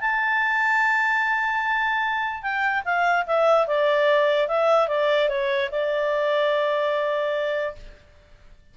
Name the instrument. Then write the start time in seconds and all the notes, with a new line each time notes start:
clarinet
0.00 A5
2.42 G5
2.84 F5
3.26 E5
3.67 D5
4.48 E5
4.88 D5
5.28 C#5
5.71 D5